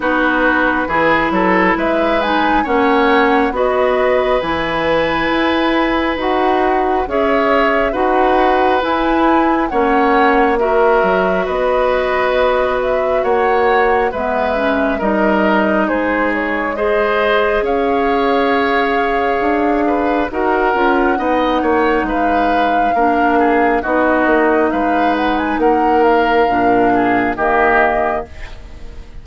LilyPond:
<<
  \new Staff \with { instrumentName = "flute" } { \time 4/4 \tempo 4 = 68 b'2 e''8 gis''8 fis''4 | dis''4 gis''2 fis''4 | e''4 fis''4 gis''4 fis''4 | e''4 dis''4. e''8 fis''4 |
e''4 dis''4 c''8 cis''8 dis''4 | f''2. fis''4~ | fis''4 f''2 dis''4 | f''8 fis''16 gis''16 fis''8 f''4. dis''4 | }
  \new Staff \with { instrumentName = "oboe" } { \time 4/4 fis'4 gis'8 a'8 b'4 cis''4 | b'1 | cis''4 b'2 cis''4 | ais'4 b'2 cis''4 |
b'4 ais'4 gis'4 c''4 | cis''2~ cis''8 b'8 ais'4 | dis''8 cis''8 b'4 ais'8 gis'8 fis'4 | b'4 ais'4. gis'8 g'4 | }
  \new Staff \with { instrumentName = "clarinet" } { \time 4/4 dis'4 e'4. dis'8 cis'4 | fis'4 e'2 fis'4 | gis'4 fis'4 e'4 cis'4 | fis'1 |
b8 cis'8 dis'2 gis'4~ | gis'2. fis'8 f'8 | dis'2 d'4 dis'4~ | dis'2 d'4 ais4 | }
  \new Staff \with { instrumentName = "bassoon" } { \time 4/4 b4 e8 fis8 gis4 ais4 | b4 e4 e'4 dis'4 | cis'4 dis'4 e'4 ais4~ | ais8 fis8 b2 ais4 |
gis4 g4 gis2 | cis'2 d'4 dis'8 cis'8 | b8 ais8 gis4 ais4 b8 ais8 | gis4 ais4 ais,4 dis4 | }
>>